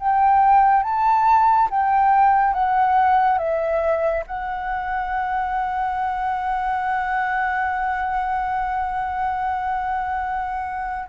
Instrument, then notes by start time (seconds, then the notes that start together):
flute
0.00 G5
0.83 A5
1.71 G5
2.54 F#5
3.39 E5
4.27 F#5